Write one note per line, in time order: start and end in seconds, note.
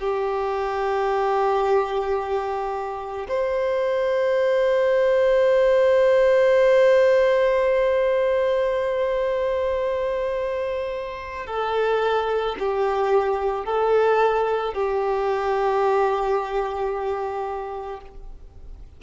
0.00 3.27 G4
3.29 11.47 C5
11.47 12.56 A4
12.59 13.65 G4
13.65 14.74 A4
14.74 18.01 G4